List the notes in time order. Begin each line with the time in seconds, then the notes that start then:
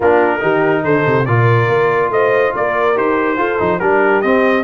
0.00 A#3 D4 F4 A#4
0.39 D#3 D#4 G4
0.84 D3 A4 C5
1.06 C3
1.25 A#2 F4 A#4 D5
1.68 A#3
2.09 A3 C5 D#5
2.54 A#3 A#4 D5
2.95 D#4 G4 C5
3.37 F4 A4
3.58 F3 D#4
3.79 G3 D4 G4 A#4
4.21 C4 D#5